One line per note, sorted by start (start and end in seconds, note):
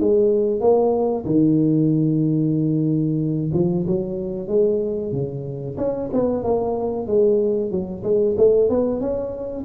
0.00 0.61 G#3
0.61 1.25 A#3
1.26 3.51 D#3
3.54 3.86 F3
3.87 4.48 F#3
4.48 5.12 G#3
5.12 5.77 C#3
5.77 6.10 C#4
6.13 6.44 B3
6.44 7.07 A#3
7.07 7.71 G#3
7.71 8.03 F#3
8.04 8.36 G#3
8.38 8.69 A3
8.69 9.01 B3
9.01 9.65 C#4